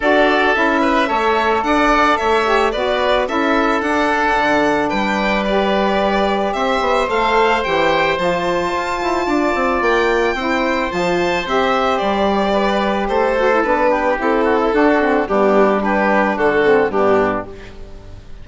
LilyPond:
<<
  \new Staff \with { instrumentName = "violin" } { \time 4/4 \tempo 4 = 110 d''4 e''2 fis''4 | e''4 d''4 e''4 fis''4~ | fis''4 g''4 d''2 | e''4 f''4 g''4 a''4~ |
a''2 g''2 | a''4 e''4 d''2 | c''4 b'4 a'2 | g'4 b'4 a'4 g'4 | }
  \new Staff \with { instrumentName = "oboe" } { \time 4/4 a'4. b'8 cis''4 d''4 | cis''4 b'4 a'2~ | a'4 b'2. | c''1~ |
c''4 d''2 c''4~ | c''2. b'4 | a'4. g'4 fis'16 e'16 fis'4 | d'4 g'4 fis'4 d'4 | }
  \new Staff \with { instrumentName = "saxophone" } { \time 4/4 fis'4 e'4 a'2~ | a'8 g'8 fis'4 e'4 d'4~ | d'2 g'2~ | g'4 a'4 g'4 f'4~ |
f'2. e'4 | f'4 g'2.~ | g'8 fis'16 e'16 d'4 e'4 d'8 c'8 | b4 d'4. c'8 b4 | }
  \new Staff \with { instrumentName = "bassoon" } { \time 4/4 d'4 cis'4 a4 d'4 | a4 b4 cis'4 d'4 | d4 g2. | c'8 b8 a4 e4 f4 |
f'8 e'8 d'8 c'8 ais4 c'4 | f4 c'4 g2 | a4 b4 c'4 d'4 | g2 d4 g,4 | }
>>